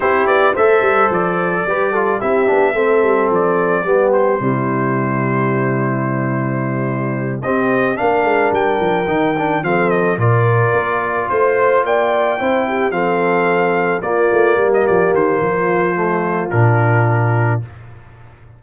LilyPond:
<<
  \new Staff \with { instrumentName = "trumpet" } { \time 4/4 \tempo 4 = 109 c''8 d''8 e''4 d''2 | e''2 d''4. c''8~ | c''1~ | c''4. dis''4 f''4 g''8~ |
g''4. f''8 dis''8 d''4.~ | d''8 c''4 g''2 f''8~ | f''4. d''4~ d''16 dis''16 d''8 c''8~ | c''2 ais'2 | }
  \new Staff \with { instrumentName = "horn" } { \time 4/4 g'4 c''2 b'8 a'8 | g'4 a'2 g'4 | e'1~ | e'4. g'4 ais'4.~ |
ais'4. a'4 ais'4.~ | ais'8 c''4 d''4 c''8 g'8 a'8~ | a'4. f'4 g'4. | f'1 | }
  \new Staff \with { instrumentName = "trombone" } { \time 4/4 e'4 a'2 g'8 f'8 | e'8 d'8 c'2 b4 | g1~ | g4. c'4 d'4.~ |
d'8 dis'8 d'8 c'4 f'4.~ | f'2~ f'8 e'4 c'8~ | c'4. ais2~ ais8~ | ais4 a4 d'2 | }
  \new Staff \with { instrumentName = "tuba" } { \time 4/4 c'8 b8 a8 g8 f4 g4 | c'8 b8 a8 g8 f4 g4 | c1~ | c4. c'4 ais8 gis8 g8 |
f8 dis4 f4 ais,4 ais8~ | ais8 a4 ais4 c'4 f8~ | f4. ais8 a8 g8 f8 dis8 | f2 ais,2 | }
>>